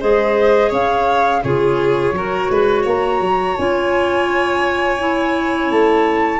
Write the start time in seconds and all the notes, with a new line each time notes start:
0.00 G#3 G#4 C5 D#5
0.69 C#4 C#5 F5
1.43 C#3 F4 G#4 C#5
2.12 F#3 F#4 A#4
2.50 G#3 B4
2.83 A#3 C#5 A#5
3.20 F#3
3.57 C#4 F4 G#5
4.99 E4
5.71 A3 A5